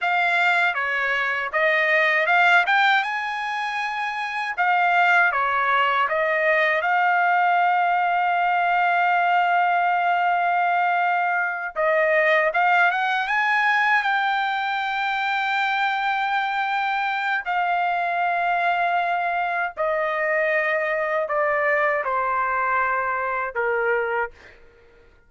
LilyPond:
\new Staff \with { instrumentName = "trumpet" } { \time 4/4 \tempo 4 = 79 f''4 cis''4 dis''4 f''8 g''8 | gis''2 f''4 cis''4 | dis''4 f''2.~ | f''2.~ f''8 dis''8~ |
dis''8 f''8 fis''8 gis''4 g''4.~ | g''2. f''4~ | f''2 dis''2 | d''4 c''2 ais'4 | }